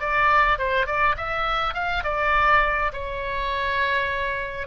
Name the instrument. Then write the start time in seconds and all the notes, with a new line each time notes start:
oboe
0.00 D5
0.59 C5
0.86 D5
1.17 E5
1.74 F5
2.04 D5
2.93 C#5